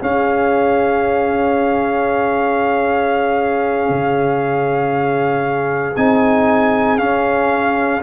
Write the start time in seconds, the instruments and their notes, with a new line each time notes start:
0.00 trombone C#4, tuba C#4, horn G#4, trumpet F5
3.89 tuba C#3
5.96 tuba C4, trombone D#4, trumpet G#5
6.98 trombone C#4, tuba C#4, trumpet F5